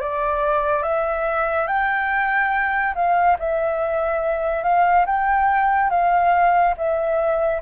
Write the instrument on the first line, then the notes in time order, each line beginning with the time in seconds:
flute
0.00 D5
0.82 E5
1.67 G5
2.94 F5
3.39 E5
4.63 F5
5.06 G5
5.90 F5
6.77 E5